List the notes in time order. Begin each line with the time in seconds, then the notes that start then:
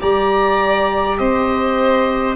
0.00 G3 G4 D5 A#5
1.18 C4 C5 D#5